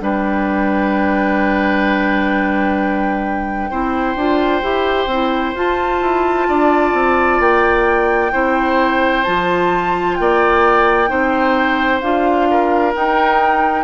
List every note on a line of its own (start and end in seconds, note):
0.00 3.70 G3
0.00 3.69 D4
0.00 3.70 B4
0.00 5.57 G5
3.70 4.16 C4
3.70 4.16 E4
3.70 6.47 C5
4.16 4.62 D4
4.16 4.62 F4
4.62 5.07 E4
4.62 5.08 G4
5.07 5.53 C4
5.07 5.55 E4
5.55 6.01 F4
5.55 8.32 F4
5.55 7.41 A5
6.01 6.47 E4
6.48 6.93 D4
6.48 8.32 D5
6.93 7.39 C4
7.39 8.32 A#3
7.39 9.24 G5
8.32 9.26 C4
8.32 9.24 E4
8.32 10.17 C5
9.24 10.19 F3
9.24 11.07 F4
9.24 10.15 A5
10.15 11.10 A#3
10.15 11.09 D5
10.15 12.00 G5
11.07 12.02 C4
11.07 12.00 D#4
11.07 12.48 C5
12.00 12.94 D4
12.00 12.93 F4
12.00 12.93 F5
12.50 13.84 A#4
12.93 13.84 D#4
12.93 13.84 G5